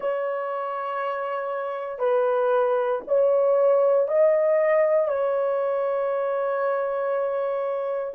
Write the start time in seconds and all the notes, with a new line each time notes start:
0.00 C#5
1.98 B4
3.07 C#5
4.07 D#5
5.08 C#5